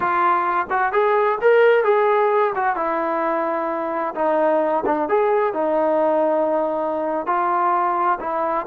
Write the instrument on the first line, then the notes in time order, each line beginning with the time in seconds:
trombone
0.00 F4
0.70 F#4
0.92 G#4
1.41 A#4
1.83 G#4
2.55 F#4
2.75 E4
4.14 D#4
4.85 D4
5.08 G#4
5.53 D#4
7.26 F4
8.20 E4